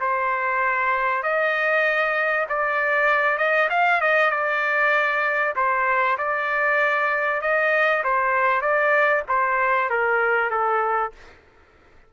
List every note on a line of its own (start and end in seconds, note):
0.00 1.23 C5
1.23 2.47 D#5
2.49 3.38 D5
3.38 3.69 D#5
3.70 4.01 F5
4.01 4.30 D#5
4.30 5.54 D5
5.56 6.17 C5
6.18 7.41 D5
7.41 8.03 D#5
8.04 8.61 C5
8.61 9.23 D5
9.28 9.90 C5
9.90 10.50 A#4
10.50 11.12 A4